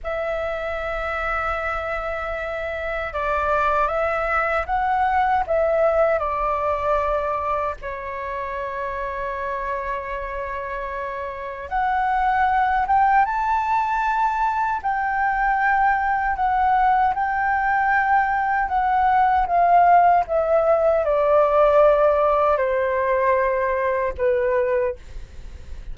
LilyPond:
\new Staff \with { instrumentName = "flute" } { \time 4/4 \tempo 4 = 77 e''1 | d''4 e''4 fis''4 e''4 | d''2 cis''2~ | cis''2. fis''4~ |
fis''8 g''8 a''2 g''4~ | g''4 fis''4 g''2 | fis''4 f''4 e''4 d''4~ | d''4 c''2 b'4 | }